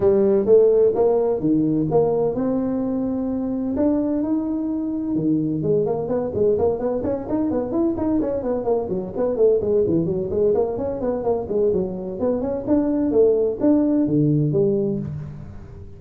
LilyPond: \new Staff \with { instrumentName = "tuba" } { \time 4/4 \tempo 4 = 128 g4 a4 ais4 dis4 | ais4 c'2. | d'4 dis'2 dis4 | gis8 ais8 b8 gis8 ais8 b8 cis'8 dis'8 |
b8 e'8 dis'8 cis'8 b8 ais8 fis8 b8 | a8 gis8 e8 fis8 gis8 ais8 cis'8 b8 | ais8 gis8 fis4 b8 cis'8 d'4 | a4 d'4 d4 g4 | }